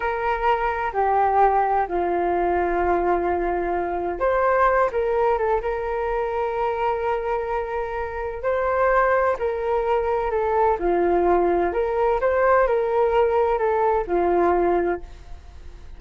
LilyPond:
\new Staff \with { instrumentName = "flute" } { \time 4/4 \tempo 4 = 128 ais'2 g'2 | f'1~ | f'4 c''4. ais'4 a'8 | ais'1~ |
ais'2 c''2 | ais'2 a'4 f'4~ | f'4 ais'4 c''4 ais'4~ | ais'4 a'4 f'2 | }